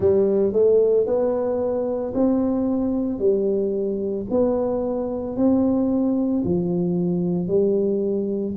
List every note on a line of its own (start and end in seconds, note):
0.00 0.52 G3
0.52 1.06 A3
1.06 2.13 B3
2.14 3.19 C4
3.19 4.26 G3
4.30 5.36 B3
5.36 6.43 C4
6.44 7.47 F3
7.47 8.55 G3